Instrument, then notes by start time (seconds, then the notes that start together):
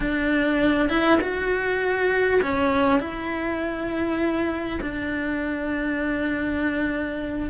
cello
0.00 D4
0.89 E4
1.20 F#4
2.42 C#4
2.99 E4
4.81 D4